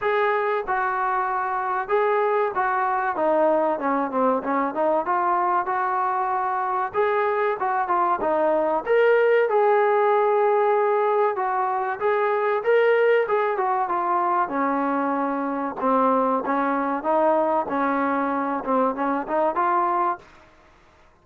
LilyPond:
\new Staff \with { instrumentName = "trombone" } { \time 4/4 \tempo 4 = 95 gis'4 fis'2 gis'4 | fis'4 dis'4 cis'8 c'8 cis'8 dis'8 | f'4 fis'2 gis'4 | fis'8 f'8 dis'4 ais'4 gis'4~ |
gis'2 fis'4 gis'4 | ais'4 gis'8 fis'8 f'4 cis'4~ | cis'4 c'4 cis'4 dis'4 | cis'4. c'8 cis'8 dis'8 f'4 | }